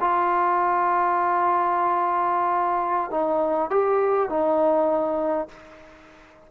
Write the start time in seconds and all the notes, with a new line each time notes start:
0.00 F4
3.11 D#4
3.70 G4
4.29 D#4